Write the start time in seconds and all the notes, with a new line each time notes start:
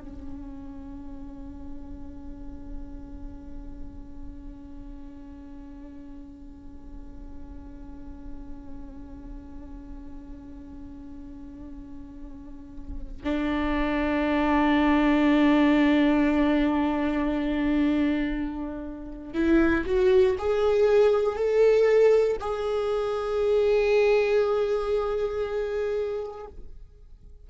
0.00 C#4
13.23 D4
19.33 E4
19.85 F#4
20.38 G#4
21.35 A4
22.40 G#4